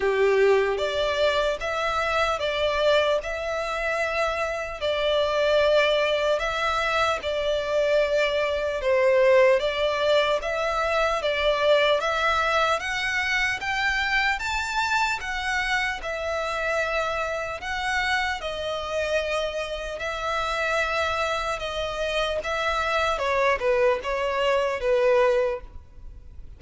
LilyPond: \new Staff \with { instrumentName = "violin" } { \time 4/4 \tempo 4 = 75 g'4 d''4 e''4 d''4 | e''2 d''2 | e''4 d''2 c''4 | d''4 e''4 d''4 e''4 |
fis''4 g''4 a''4 fis''4 | e''2 fis''4 dis''4~ | dis''4 e''2 dis''4 | e''4 cis''8 b'8 cis''4 b'4 | }